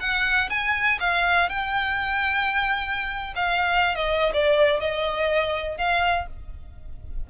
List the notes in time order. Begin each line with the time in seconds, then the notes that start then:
0.00 F#5
0.50 G#5
1.00 F5
1.49 G5
3.36 F5
3.95 D#5
4.33 D5
4.80 D#5
5.78 F5